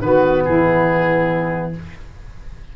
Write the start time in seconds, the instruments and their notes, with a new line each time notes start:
0.00 tuba D#3, trombone B3, saxophone F#4, oboe B4
0.45 tuba E3, saxophone E4, oboe G#4